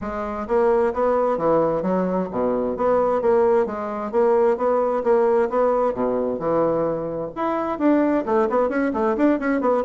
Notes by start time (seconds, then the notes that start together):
0.01 G#3
0.47 A#3
0.93 B3
1.37 E3
1.82 F#3
2.31 B2
2.76 B3
3.21 A#3
3.66 G#3
4.11 A#3
4.57 B3
5.03 A#3
5.49 B3
5.94 B2
6.39 E3
7.35 E4
7.78 D4
8.25 A3
8.49 B3
8.69 C#4
8.93 A3
9.16 D4
9.39 C#4
9.60 B3